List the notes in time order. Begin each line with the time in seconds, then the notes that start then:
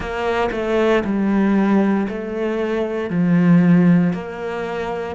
0.00 A#3
0.51 A3
1.04 G3
2.08 A3
3.09 F3
4.13 A#3